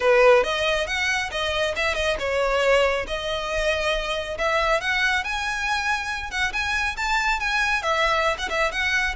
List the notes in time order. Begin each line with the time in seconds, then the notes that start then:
0.00 B4
0.43 D#5
0.87 F#5
1.31 D#5
1.76 E5
1.95 D#5
2.19 C#5
3.07 D#5
4.38 E5
4.80 F#5
5.24 G#5
6.30 F#5
6.52 G#5
6.96 A5
7.39 G#5
7.82 E5
8.38 F#5
8.49 E5
8.71 F#5